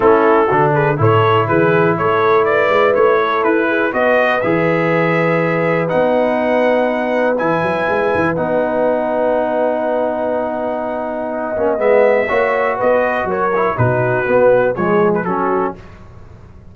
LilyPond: <<
  \new Staff \with { instrumentName = "trumpet" } { \time 4/4 \tempo 4 = 122 a'4. b'8 cis''4 b'4 | cis''4 d''4 cis''4 b'4 | dis''4 e''2. | fis''2. gis''4~ |
gis''4 fis''2.~ | fis''1 | e''2 dis''4 cis''4 | b'2 cis''8. b'16 a'4 | }
  \new Staff \with { instrumentName = "horn" } { \time 4/4 e'4 fis'8 gis'8 a'4 gis'4 | a'4 b'4. a'4 gis'8 | b'1~ | b'1~ |
b'1~ | b'2. dis''4~ | dis''4 cis''4 b'4 ais'4 | fis'2 gis'4 fis'4 | }
  \new Staff \with { instrumentName = "trombone" } { \time 4/4 cis'4 d'4 e'2~ | e'1 | fis'4 gis'2. | dis'2. e'4~ |
e'4 dis'2.~ | dis'2.~ dis'8 cis'8 | b4 fis'2~ fis'8 e'8 | dis'4 b4 gis4 cis'4 | }
  \new Staff \with { instrumentName = "tuba" } { \time 4/4 a4 d4 a,4 e4 | a4. gis8 a4 e'4 | b4 e2. | b2. e8 fis8 |
gis8 e8 b2.~ | b2.~ b8 ais8 | gis4 ais4 b4 fis4 | b,4 b4 f4 fis4 | }
>>